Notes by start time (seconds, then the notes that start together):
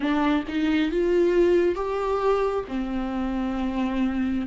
0.00 D4
0.48 D#4
0.91 F4
1.75 G4
2.68 C4